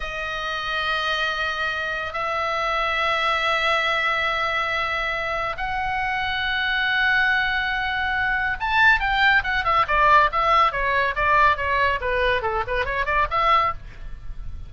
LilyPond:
\new Staff \with { instrumentName = "oboe" } { \time 4/4 \tempo 4 = 140 dis''1~ | dis''4 e''2.~ | e''1~ | e''4 fis''2.~ |
fis''1 | a''4 g''4 fis''8 e''8 d''4 | e''4 cis''4 d''4 cis''4 | b'4 a'8 b'8 cis''8 d''8 e''4 | }